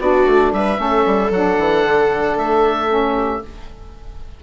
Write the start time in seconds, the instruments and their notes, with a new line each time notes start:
0.00 bassoon B3, saxophone D4, viola F#4, oboe D5
0.26 bassoon A3
0.53 bassoon G3, viola B4, oboe E5
0.76 bassoon A3, saxophone C#4
0.82 viola A4
1.06 bassoon G3
1.31 bassoon F#3, saxophone D4, oboe F#5
1.59 bassoon E3
1.84 bassoon D3
2.37 bassoon A3, oboe E5
2.88 saxophone C#4
3.15 viola G4